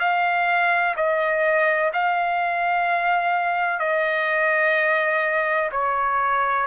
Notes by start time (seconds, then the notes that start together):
0.00 F5
0.97 D#5
1.94 F5
3.80 D#5
5.72 C#5